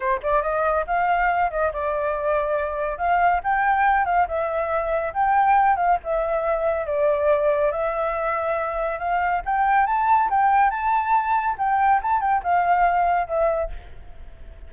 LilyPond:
\new Staff \with { instrumentName = "flute" } { \time 4/4 \tempo 4 = 140 c''8 d''8 dis''4 f''4. dis''8 | d''2. f''4 | g''4. f''8 e''2 | g''4. f''8 e''2 |
d''2 e''2~ | e''4 f''4 g''4 a''4 | g''4 a''2 g''4 | a''8 g''8 f''2 e''4 | }